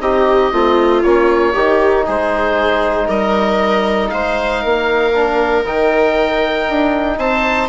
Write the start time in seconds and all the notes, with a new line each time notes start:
0.00 C4 D#4 G4 D#5
0.53 A3 C4 F4
1.02 A#3 C#4 C#5
1.53 D#3 D#4 G4
2.06 G#3 G#4 C5
3.07 G3 A#4 D#5
4.09 G#3 C5 F5
4.61 A#3 A#4
5.13 D4
5.65 D#3 D#4 G5
6.69 D4
7.18 C4 C5 A5